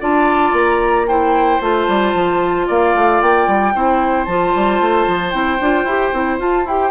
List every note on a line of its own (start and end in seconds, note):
0.00 0.53 D4
0.00 1.06 F4
0.00 1.06 D5
0.00 0.55 A5
0.53 1.59 A#3
0.53 1.08 A#5
1.08 1.61 E4
1.08 2.67 C5
1.08 1.61 G5
1.60 1.87 A3
1.60 3.73 F4
1.60 2.69 A5
1.88 2.13 G3
2.13 2.66 F3
2.67 2.94 A#3
2.67 3.73 D5
2.67 3.21 F5
2.94 3.21 A3
3.21 3.47 A#3
3.21 4.24 G5
3.47 3.74 G3
3.74 4.27 C4
3.74 4.28 E4
3.74 6.90 C5
4.24 4.53 F3
4.24 5.31 F4
4.24 5.31 A5
4.55 4.81 G3
4.81 5.07 A3
5.07 5.33 F3
5.31 5.60 C4
5.31 5.58 E4
5.31 6.37 G5
5.60 5.84 D4
5.60 5.88 F4
5.84 6.11 E4
5.84 6.13 G4
6.13 6.39 C4
6.13 6.39 E4
6.39 6.65 F4
6.39 6.67 A5
6.65 6.90 E4
6.65 6.90 G4
6.65 6.90 G5